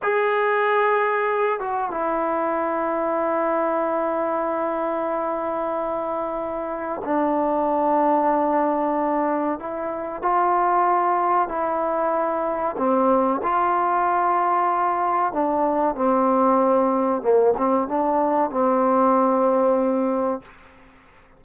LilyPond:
\new Staff \with { instrumentName = "trombone" } { \time 4/4 \tempo 4 = 94 gis'2~ gis'8 fis'8 e'4~ | e'1~ | e'2. d'4~ | d'2. e'4 |
f'2 e'2 | c'4 f'2. | d'4 c'2 ais8 c'8 | d'4 c'2. | }